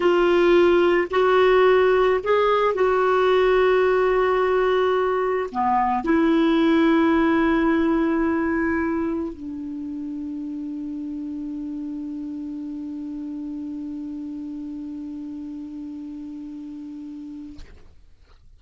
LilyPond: \new Staff \with { instrumentName = "clarinet" } { \time 4/4 \tempo 4 = 109 f'2 fis'2 | gis'4 fis'2.~ | fis'2 b4 e'4~ | e'1~ |
e'4 d'2.~ | d'1~ | d'1~ | d'1 | }